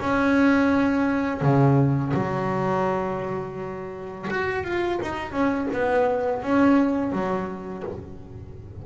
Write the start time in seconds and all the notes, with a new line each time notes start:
0.00 C#4
1.41 C#3
2.14 F#3
4.30 F#4
4.64 F4
5.02 D#4
5.32 C#4
5.72 B3
6.43 C#4
7.12 F#3